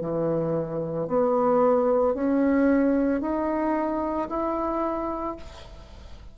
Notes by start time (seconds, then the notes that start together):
0.00 E3
1.07 B3
2.14 C#4
3.21 D#4
4.29 E4